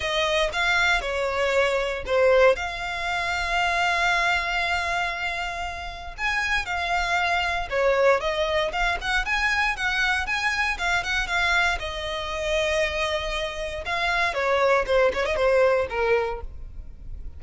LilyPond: \new Staff \with { instrumentName = "violin" } { \time 4/4 \tempo 4 = 117 dis''4 f''4 cis''2 | c''4 f''2.~ | f''1 | gis''4 f''2 cis''4 |
dis''4 f''8 fis''8 gis''4 fis''4 | gis''4 f''8 fis''8 f''4 dis''4~ | dis''2. f''4 | cis''4 c''8 cis''16 dis''16 c''4 ais'4 | }